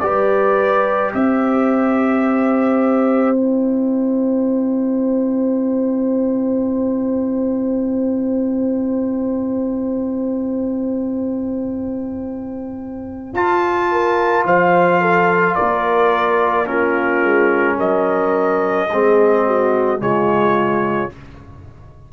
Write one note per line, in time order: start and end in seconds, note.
0.00 1.13 G3
0.00 3.35 G4
0.00 1.15 B4
0.00 1.11 D5
1.14 13.33 C4
1.14 13.91 C5
1.14 3.36 E5
3.35 13.35 E4
3.35 13.34 G5
13.33 14.44 F4
13.33 16.66 F4
13.33 14.46 A5
13.91 14.46 A#4
14.44 15.56 F3
14.44 15.01 C5
14.44 15.55 F5
15.01 15.55 A4
15.55 17.23 A#3
15.55 16.66 A#4
15.55 16.66 D5
16.66 18.88 C#4
16.66 17.76 F4
16.66 17.78 A#4
17.23 17.78 G#3
17.76 18.89 F#3
17.76 18.87 A#4
17.76 20.01 D#5
18.91 20.00 G#3
18.91 19.98 C4
18.91 19.47 G#4
19.47 20.01 F#4
19.98 21.12 C#3
19.98 21.09 G#3
19.98 21.12 F4
19.98 21.12 C#5